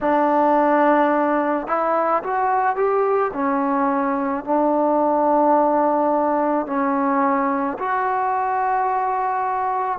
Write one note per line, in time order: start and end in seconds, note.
0.01 1.67 D4
1.67 2.22 E4
2.23 2.76 F#4
2.76 3.31 G4
3.33 4.44 C#4
4.44 6.66 D4
6.66 7.77 C#4
7.78 9.98 F#4